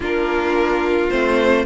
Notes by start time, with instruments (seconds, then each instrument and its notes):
0.00 cello A#3, viola D4, violin F4 A#4
1.09 cello A3, viola C4, violin C5